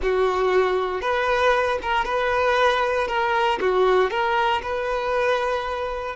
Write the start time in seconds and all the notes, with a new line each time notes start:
0.02 F#4
1.01 B4
1.82 A#4
2.04 B4
3.07 A#4
3.60 F#4
4.10 A#4
4.62 B4